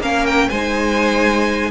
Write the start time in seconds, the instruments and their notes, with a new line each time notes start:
0.00 cello A#3, viola C#4, violin A#4 F5
0.26 violin G5
0.49 cello G#3, viola D#4, violin C5 G#5